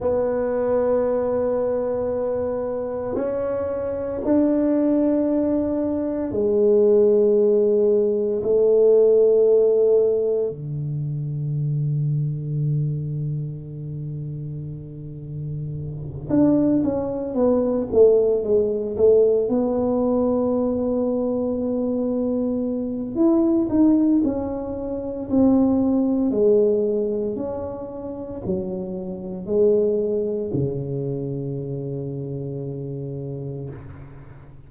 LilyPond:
\new Staff \with { instrumentName = "tuba" } { \time 4/4 \tempo 4 = 57 b2. cis'4 | d'2 gis2 | a2 d2~ | d2.~ d8 d'8 |
cis'8 b8 a8 gis8 a8 b4.~ | b2 e'8 dis'8 cis'4 | c'4 gis4 cis'4 fis4 | gis4 cis2. | }